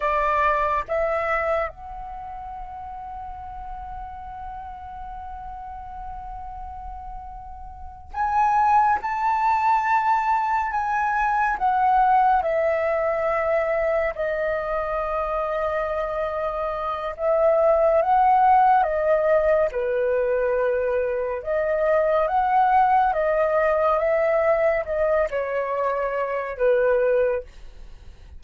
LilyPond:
\new Staff \with { instrumentName = "flute" } { \time 4/4 \tempo 4 = 70 d''4 e''4 fis''2~ | fis''1~ | fis''4. gis''4 a''4.~ | a''8 gis''4 fis''4 e''4.~ |
e''8 dis''2.~ dis''8 | e''4 fis''4 dis''4 b'4~ | b'4 dis''4 fis''4 dis''4 | e''4 dis''8 cis''4. b'4 | }